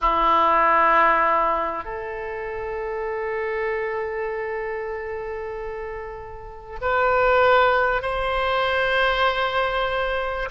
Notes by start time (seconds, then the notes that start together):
0.01 E4
1.84 A4
6.81 B4
8.01 C5